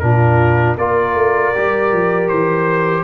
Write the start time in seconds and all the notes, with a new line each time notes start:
0.00 A#2 D4 F4 A#4
0.77 A#3 F4 A#4 D5
1.15 A3
1.55 G3 G4
1.92 F3
2.28 E3 C5